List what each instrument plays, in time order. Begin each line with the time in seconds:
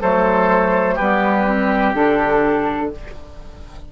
0.00 bassoon F#3, clarinet A3, oboe A4, flute C5
0.95 bassoon G3, oboe G4, flute B4
1.01 clarinet B3
1.47 clarinet C4
1.94 bassoon D3, clarinet D4, flute A4